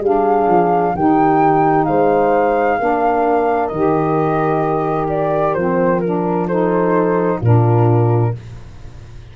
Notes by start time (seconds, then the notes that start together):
0.00 G3 D4 G#4 F5
0.47 F3
0.94 D#3 D#4 G4 G5
1.84 G#3 C5 F5
2.78 A#3 D4 A#4
3.67 D#3 D#5
3.74 G4
5.09 D5
5.53 F3 C4 C5
6.00 D4 A#4
6.46 D#4 A4 C5
7.39 A#2 D4 F4 A#4